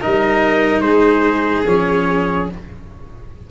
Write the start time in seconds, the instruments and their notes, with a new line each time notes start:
0.00 tuba G3, cello D#4, violin A#4, trumpet D#5
0.80 tuba G#3, violin G#4, trumpet C5
1.66 tuba F3, cello C#4, trumpet C#5